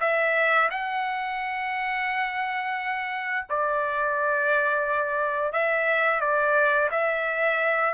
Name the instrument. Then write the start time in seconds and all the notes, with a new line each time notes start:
trumpet
0.00 E5
0.70 F#5
3.49 D5
5.52 E5
6.20 D5
6.91 E5